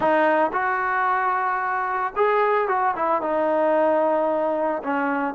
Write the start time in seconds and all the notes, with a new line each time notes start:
0.00 D#4
0.52 F#4
2.16 G#4
2.68 F#4
2.96 E4
3.21 D#4
4.83 C#4